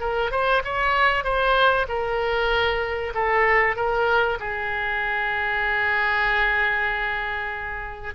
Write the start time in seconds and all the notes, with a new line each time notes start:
0.00 A#4
0.31 C5
0.64 C#5
1.24 C5
1.88 A#4
3.14 A4
3.76 A#4
4.39 G#4